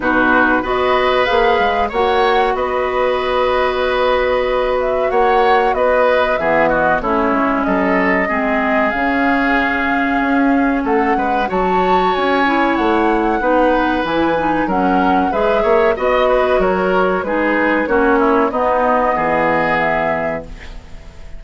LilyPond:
<<
  \new Staff \with { instrumentName = "flute" } { \time 4/4 \tempo 4 = 94 b'4 dis''4 f''4 fis''4 | dis''2.~ dis''8 e''8 | fis''4 dis''4 e''8 dis''8 cis''4 | dis''2 f''2~ |
f''4 fis''4 a''4 gis''4 | fis''2 gis''4 fis''4 | e''4 dis''4 cis''4 b'4 | cis''4 dis''2 e''4 | }
  \new Staff \with { instrumentName = "oboe" } { \time 4/4 fis'4 b'2 cis''4 | b'1 | cis''4 b'4 gis'8 fis'8 e'4 | a'4 gis'2.~ |
gis'4 a'8 b'8 cis''2~ | cis''4 b'2 ais'4 | b'8 cis''8 dis''8 b'8 ais'4 gis'4 | fis'8 e'8 dis'4 gis'2 | }
  \new Staff \with { instrumentName = "clarinet" } { \time 4/4 dis'4 fis'4 gis'4 fis'4~ | fis'1~ | fis'2 b4 cis'4~ | cis'4 c'4 cis'2~ |
cis'2 fis'4. e'8~ | e'4 dis'4 e'8 dis'8 cis'4 | gis'4 fis'2 dis'4 | cis'4 b2. | }
  \new Staff \with { instrumentName = "bassoon" } { \time 4/4 b,4 b4 ais8 gis8 ais4 | b1 | ais4 b4 e4 a8 gis8 | fis4 gis4 cis2 |
cis'4 a8 gis8 fis4 cis'4 | a4 b4 e4 fis4 | gis8 ais8 b4 fis4 gis4 | ais4 b4 e2 | }
>>